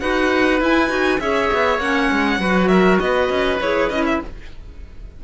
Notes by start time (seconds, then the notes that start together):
0.00 D#4 F#4 B4 F#5
0.60 E4 G#5
0.89 D#4 F#4
1.20 C#4 G#4 C#5 E5
1.53 B3
1.79 A#3 C#4 F#5
2.12 G#3
2.39 F#3 F#4 B4
2.68 A#4 E5
3.00 B3 B4 D#5
3.30 C#4
3.60 E4 G#4 C#5
3.90 C#4 E4 D#5
4.06 E5